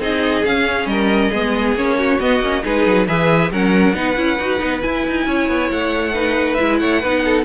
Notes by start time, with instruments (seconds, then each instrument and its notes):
0.00 cello C4, viola D#4, violin G#4 D#5
0.45 cello C#4, viola C#4, violin F5
0.86 cello G3, violin A#4 D#5
1.31 cello G#3, viola B3, violin G#4
1.75 cello A#3, viola C#4, violin C#5
1.98 violin F#4
2.20 viola B3, cello B3, violin D#5
2.41 cello A#3, viola C#4
2.63 cello G#3, viola D#4, violin G#4 B4
2.87 cello F#3
3.07 cello E3, viola G#4, violin B4 E5
3.51 cello F#3, viola C#4, violin A#4 F#5
3.94 cello B3, viola D#4, violin B4
4.17 cello C#4, viola E4
4.39 cello D#4, viola F#4
4.59 cello B3, viola D#4
4.81 viola E4, cello E4, violin G#5
5.08 cello D#4
5.27 cello C#4, violin C#5
5.49 cello B3
5.71 cello A3, violin F#5
6.14 viola D#4, violin B4
6.54 viola E4, violin E5
6.60 cello G#3
6.79 cello A3, violin C#5 F#5
7.00 cello B3, viola D#4, violin B4
7.25 violin A4